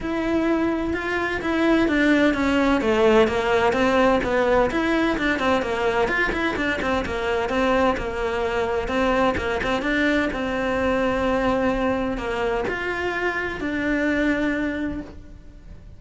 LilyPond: \new Staff \with { instrumentName = "cello" } { \time 4/4 \tempo 4 = 128 e'2 f'4 e'4 | d'4 cis'4 a4 ais4 | c'4 b4 e'4 d'8 c'8 | ais4 f'8 e'8 d'8 c'8 ais4 |
c'4 ais2 c'4 | ais8 c'8 d'4 c'2~ | c'2 ais4 f'4~ | f'4 d'2. | }